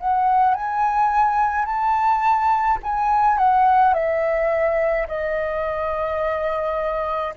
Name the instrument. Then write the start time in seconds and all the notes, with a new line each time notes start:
flute
0.00 F#5
0.55 G#5
1.66 A5
2.84 G#5
3.38 F#5
3.94 E5
5.08 D#5